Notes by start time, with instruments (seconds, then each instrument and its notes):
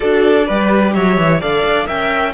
0.00 cello D4, viola F#4, violin A4 D5
0.46 cello G3, viola G4, violin B4
0.93 cello F#3, violin C#5 E5
1.17 cello E3
1.40 cello D3, viola A4, violin D5 F5
1.64 cello D4
1.86 cello C#4, viola A#4, violin E5 G5